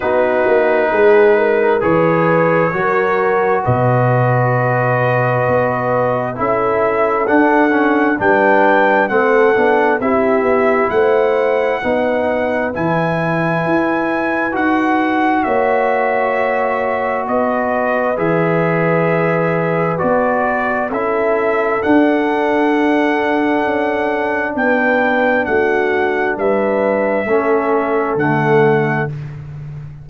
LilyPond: <<
  \new Staff \with { instrumentName = "trumpet" } { \time 4/4 \tempo 4 = 66 b'2 cis''2 | dis''2. e''4 | fis''4 g''4 fis''4 e''4 | fis''2 gis''2 |
fis''4 e''2 dis''4 | e''2 d''4 e''4 | fis''2. g''4 | fis''4 e''2 fis''4 | }
  \new Staff \with { instrumentName = "horn" } { \time 4/4 fis'4 gis'8 ais'8 b'4 ais'4 | b'2. a'4~ | a'4 b'4 a'4 g'4 | c''4 b'2.~ |
b'4 cis''2 b'4~ | b'2. a'4~ | a'2. b'4 | fis'4 b'4 a'2 | }
  \new Staff \with { instrumentName = "trombone" } { \time 4/4 dis'2 gis'4 fis'4~ | fis'2. e'4 | d'8 cis'8 d'4 c'8 d'8 e'4~ | e'4 dis'4 e'2 |
fis'1 | gis'2 fis'4 e'4 | d'1~ | d'2 cis'4 a4 | }
  \new Staff \with { instrumentName = "tuba" } { \time 4/4 b8 ais8 gis4 e4 fis4 | b,2 b4 cis'4 | d'4 g4 a8 b8 c'8 b8 | a4 b4 e4 e'4 |
dis'4 ais2 b4 | e2 b4 cis'4 | d'2 cis'4 b4 | a4 g4 a4 d4 | }
>>